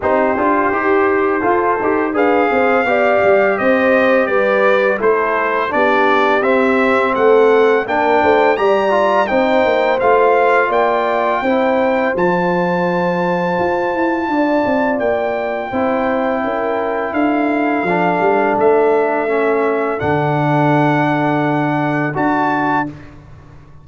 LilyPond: <<
  \new Staff \with { instrumentName = "trumpet" } { \time 4/4 \tempo 4 = 84 c''2. f''4~ | f''4 dis''4 d''4 c''4 | d''4 e''4 fis''4 g''4 | ais''4 g''4 f''4 g''4~ |
g''4 a''2.~ | a''4 g''2. | f''2 e''2 | fis''2. a''4 | }
  \new Staff \with { instrumentName = "horn" } { \time 4/4 g'2 a'4 b'8 c''8 | d''4 c''4 b'4 a'4 | g'2 a'4 ais'8 c''8 | d''4 c''2 d''4 |
c''1 | d''2 c''4 ais'4 | a'1~ | a'1 | }
  \new Staff \with { instrumentName = "trombone" } { \time 4/4 dis'8 f'8 g'4 f'8 g'8 gis'4 | g'2. e'4 | d'4 c'2 d'4 | g'8 f'8 dis'4 f'2 |
e'4 f'2.~ | f'2 e'2~ | e'4 d'2 cis'4 | d'2. fis'4 | }
  \new Staff \with { instrumentName = "tuba" } { \time 4/4 c'8 d'8 dis'4 f'8 dis'8 d'8 c'8 | b8 g8 c'4 g4 a4 | b4 c'4 a4 ais8 a8 | g4 c'8 ais8 a4 ais4 |
c'4 f2 f'8 e'8 | d'8 c'8 ais4 c'4 cis'4 | d'4 f8 g8 a2 | d2. d'4 | }
>>